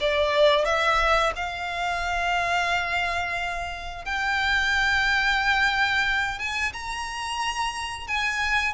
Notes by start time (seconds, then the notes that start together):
0.00 D5
0.65 E5
1.36 F5
4.05 G5
6.39 G#5
6.73 A#5
8.07 G#5